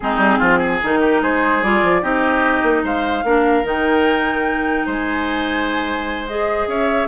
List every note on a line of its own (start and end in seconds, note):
0.00 0.17 G#3
0.00 0.82 C4
0.00 0.38 D#4
0.00 0.78 G#4
0.17 0.37 G3
0.38 0.81 F3
0.38 0.58 F4
0.58 0.98 G#4
0.82 1.21 D#3
0.82 1.63 D#4
0.82 1.22 A#4
1.01 1.21 G4
1.21 1.62 G#3
1.21 2.02 G#4
1.21 1.63 C5
1.62 1.82 G3
1.62 2.01 F4
1.62 2.03 D5
1.82 2.03 F3
2.01 2.62 C4
2.01 3.23 D#4
2.01 2.83 G4
2.01 2.84 D#5
2.62 2.83 A#3
2.83 3.23 G#3
2.83 3.24 C5
2.83 3.66 F5
3.23 3.63 A#3
3.23 3.64 D4
3.23 4.85 A#4
3.63 4.85 D#3
3.63 6.27 D#4
3.63 4.89 G5
4.85 6.66 G#3
4.85 6.68 C5
4.85 6.27 G#5
6.27 7.08 G#4
6.27 6.67 D#5
6.66 7.07 C#4
6.66 7.08 C#5
6.66 7.08 E5